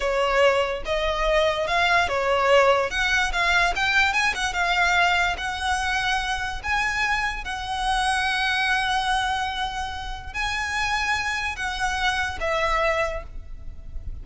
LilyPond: \new Staff \with { instrumentName = "violin" } { \time 4/4 \tempo 4 = 145 cis''2 dis''2 | f''4 cis''2 fis''4 | f''4 g''4 gis''8 fis''8 f''4~ | f''4 fis''2. |
gis''2 fis''2~ | fis''1~ | fis''4 gis''2. | fis''2 e''2 | }